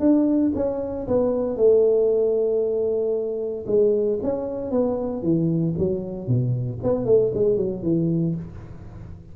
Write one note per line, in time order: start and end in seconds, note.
0.00 0.52 D4
0.55 1.07 C#4
1.07 1.57 B3
1.57 3.65 A3
3.67 4.19 G#3
4.23 4.71 C#4
4.71 5.23 B3
5.23 5.75 E3
5.78 6.28 F#3
6.28 6.80 B2
6.83 7.06 B3
7.06 7.32 A3
7.34 7.57 G#3
7.57 7.83 F#3
7.83 8.35 E3